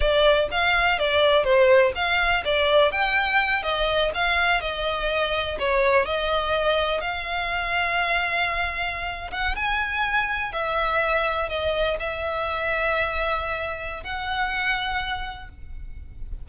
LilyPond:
\new Staff \with { instrumentName = "violin" } { \time 4/4 \tempo 4 = 124 d''4 f''4 d''4 c''4 | f''4 d''4 g''4. dis''8~ | dis''8 f''4 dis''2 cis''8~ | cis''8 dis''2 f''4.~ |
f''2.~ f''16 fis''8 gis''16~ | gis''4.~ gis''16 e''2 dis''16~ | dis''8. e''2.~ e''16~ | e''4 fis''2. | }